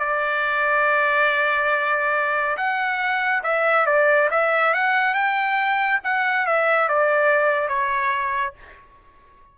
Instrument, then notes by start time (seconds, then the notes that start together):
trumpet
0.00 D5
2.57 F#5
3.44 E5
3.86 D5
4.31 E5
4.74 F#5
5.15 G5
6.04 F#5
6.47 E5
6.89 D5
7.69 C#5